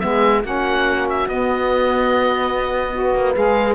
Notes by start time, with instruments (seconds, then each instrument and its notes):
0.00 cello G#3, saxophone B3, horn G#4, oboe E5
0.44 cello A#3, saxophone C#4, horn F#4, oboe F#5
1.09 oboe E5
1.28 cello B3, saxophone B3, oboe D#5
2.93 saxophone F#4, horn B4
3.15 cello A#3
3.35 cello G#3, saxophone G#4, oboe F5